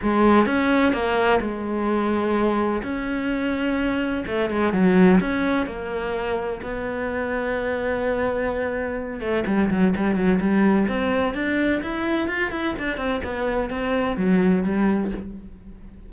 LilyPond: \new Staff \with { instrumentName = "cello" } { \time 4/4 \tempo 4 = 127 gis4 cis'4 ais4 gis4~ | gis2 cis'2~ | cis'4 a8 gis8 fis4 cis'4 | ais2 b2~ |
b2.~ b8 a8 | g8 fis8 g8 fis8 g4 c'4 | d'4 e'4 f'8 e'8 d'8 c'8 | b4 c'4 fis4 g4 | }